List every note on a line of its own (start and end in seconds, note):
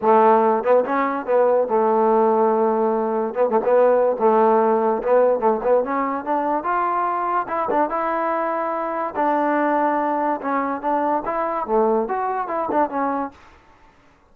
0.01 0.63 A3
0.63 0.84 B3
0.84 1.26 C#4
1.26 1.67 B3
1.68 3.34 A3
3.34 3.49 B3
3.49 3.60 A3
3.64 4.16 B3
4.19 5.02 A3
5.02 5.39 B3
5.39 5.60 A3
5.63 5.84 B3
5.84 6.24 C#4
6.24 6.63 D4
6.63 7.46 F4
7.48 7.68 E4
7.70 7.89 D4
7.89 9.14 E4
9.15 10.40 D4
10.41 10.81 C#4
10.81 11.23 D4
11.25 11.66 E4
11.66 12.08 A3
12.08 12.47 F#4
12.47 12.68 E4
12.71 12.89 D4
12.89 13.31 C#4